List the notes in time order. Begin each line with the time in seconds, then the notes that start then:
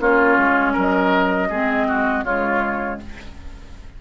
0.00 A#3 C#4 F4 C#5
0.38 G#3
0.73 F#3 A#4
0.80 D#5
1.50 G#3 C4 G#4
1.88 F#4
2.24 C#3 G#3 F4 C#5